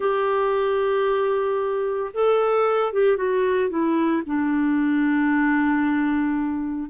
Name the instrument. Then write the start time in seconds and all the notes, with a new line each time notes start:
clarinet
0.00 G4
2.13 A4
2.92 G4
3.16 F#4
3.69 E4
4.26 D4